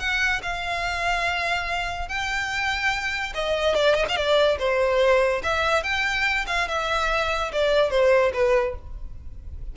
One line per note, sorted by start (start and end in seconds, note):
0.00 0.42 F#5
0.43 2.09 F5
2.09 3.34 G5
3.35 3.75 D#5
3.75 3.95 D5
3.95 4.06 D#5
4.09 4.17 F5
4.17 4.58 D5
4.59 5.42 C5
5.44 5.84 E5
5.84 6.46 G5
6.47 6.68 F5
6.69 7.52 E5
7.53 7.91 D5
7.91 8.32 C5
8.34 8.75 B4